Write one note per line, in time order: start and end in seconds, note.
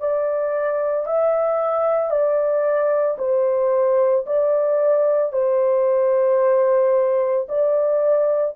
0.00 1.06 D5
1.06 2.10 E5
2.10 3.17 D5
3.18 4.25 C5
4.26 5.33 D5
5.33 7.47 C5
7.49 8.56 D5